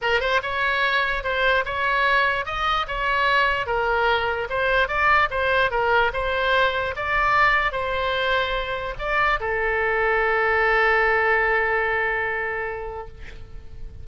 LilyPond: \new Staff \with { instrumentName = "oboe" } { \time 4/4 \tempo 4 = 147 ais'8 c''8 cis''2 c''4 | cis''2 dis''4 cis''4~ | cis''4 ais'2 c''4 | d''4 c''4 ais'4 c''4~ |
c''4 d''2 c''4~ | c''2 d''4 a'4~ | a'1~ | a'1 | }